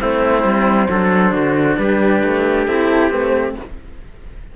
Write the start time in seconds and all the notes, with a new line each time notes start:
0.00 A3 C4 E4 C5
0.44 G3
0.90 F#3 D4 A4
1.32 D3 F#4
1.77 G3 G4 B4
2.24 A3
2.66 C4 E4 A4
3.10 A3 C4 B4
3.29 C5